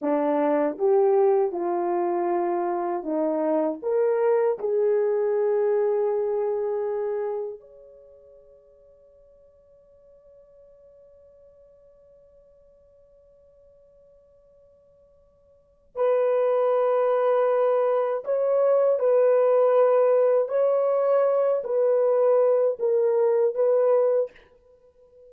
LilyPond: \new Staff \with { instrumentName = "horn" } { \time 4/4 \tempo 4 = 79 d'4 g'4 f'2 | dis'4 ais'4 gis'2~ | gis'2 cis''2~ | cis''1~ |
cis''1~ | cis''4 b'2. | cis''4 b'2 cis''4~ | cis''8 b'4. ais'4 b'4 | }